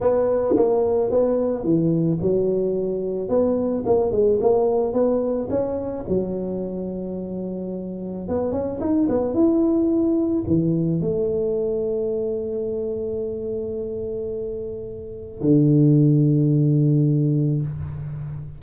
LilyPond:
\new Staff \with { instrumentName = "tuba" } { \time 4/4 \tempo 4 = 109 b4 ais4 b4 e4 | fis2 b4 ais8 gis8 | ais4 b4 cis'4 fis4~ | fis2. b8 cis'8 |
dis'8 b8 e'2 e4 | a1~ | a1 | d1 | }